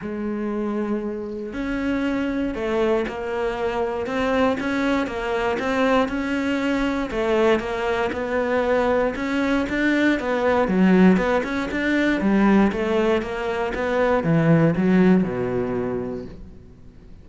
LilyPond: \new Staff \with { instrumentName = "cello" } { \time 4/4 \tempo 4 = 118 gis2. cis'4~ | cis'4 a4 ais2 | c'4 cis'4 ais4 c'4 | cis'2 a4 ais4 |
b2 cis'4 d'4 | b4 fis4 b8 cis'8 d'4 | g4 a4 ais4 b4 | e4 fis4 b,2 | }